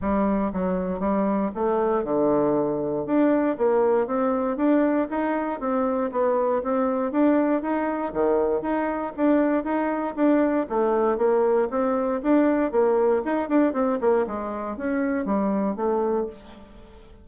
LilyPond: \new Staff \with { instrumentName = "bassoon" } { \time 4/4 \tempo 4 = 118 g4 fis4 g4 a4 | d2 d'4 ais4 | c'4 d'4 dis'4 c'4 | b4 c'4 d'4 dis'4 |
dis4 dis'4 d'4 dis'4 | d'4 a4 ais4 c'4 | d'4 ais4 dis'8 d'8 c'8 ais8 | gis4 cis'4 g4 a4 | }